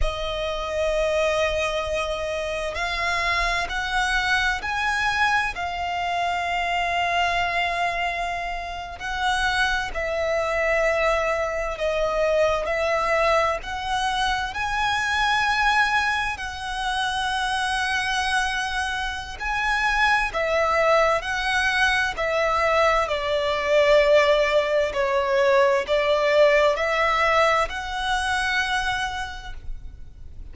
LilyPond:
\new Staff \with { instrumentName = "violin" } { \time 4/4 \tempo 4 = 65 dis''2. f''4 | fis''4 gis''4 f''2~ | f''4.~ f''16 fis''4 e''4~ e''16~ | e''8. dis''4 e''4 fis''4 gis''16~ |
gis''4.~ gis''16 fis''2~ fis''16~ | fis''4 gis''4 e''4 fis''4 | e''4 d''2 cis''4 | d''4 e''4 fis''2 | }